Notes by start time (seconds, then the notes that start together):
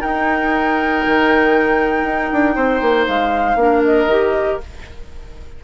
0.00 D#4 A#4 G5
1.06 D#3
2.03 D#4
2.32 D4
2.55 C4 C5
2.81 A#3
3.07 G#3 F5
3.55 A#3 D4
3.62 A#4
3.84 D#5
4.06 D#3 G4